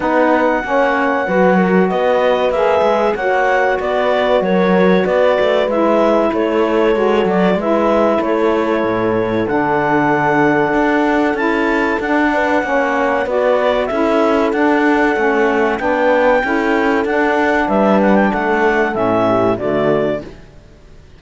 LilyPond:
<<
  \new Staff \with { instrumentName = "clarinet" } { \time 4/4 \tempo 4 = 95 fis''2. dis''4 | e''4 fis''4 d''4 cis''4 | d''4 e''4 cis''4. d''8 | e''4 cis''2 fis''4~ |
fis''2 a''4 fis''4~ | fis''4 d''4 e''4 fis''4~ | fis''4 g''2 fis''4 | e''8 fis''16 g''16 fis''4 e''4 d''4 | }
  \new Staff \with { instrumentName = "horn" } { \time 4/4 b'4 cis''4 b'8 ais'8 b'4~ | b'4 cis''4 b'4 ais'4 | b'2 a'2 | b'4 a'2.~ |
a'2.~ a'8 b'8 | cis''4 b'4 a'2~ | a'4 b'4 a'2 | b'4 a'4. g'8 fis'4 | }
  \new Staff \with { instrumentName = "saxophone" } { \time 4/4 dis'4 cis'4 fis'2 | gis'4 fis'2.~ | fis'4 e'2 fis'4 | e'2. d'4~ |
d'2 e'4 d'4 | cis'4 fis'4 e'4 d'4 | cis'4 d'4 e'4 d'4~ | d'2 cis'4 a4 | }
  \new Staff \with { instrumentName = "cello" } { \time 4/4 b4 ais4 fis4 b4 | ais8 gis8 ais4 b4 fis4 | b8 a8 gis4 a4 gis8 fis8 | gis4 a4 a,4 d4~ |
d4 d'4 cis'4 d'4 | ais4 b4 cis'4 d'4 | a4 b4 cis'4 d'4 | g4 a4 a,4 d4 | }
>>